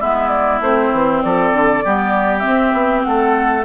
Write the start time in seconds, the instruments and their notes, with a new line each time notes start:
0.00 bassoon G#3, clarinet B3, oboe E4, flute E5
0.28 flute D5
0.60 bassoon A3, clarinet C4, flute C5
0.92 bassoon E3
1.23 bassoon F3, oboe A4, flute D5
1.52 bassoon D3
1.84 bassoon G3, clarinet B3, oboe G4
2.39 clarinet C4, flute E5
2.45 bassoon C4
2.73 bassoon B3
3.02 bassoon A3, oboe A4, flute F#5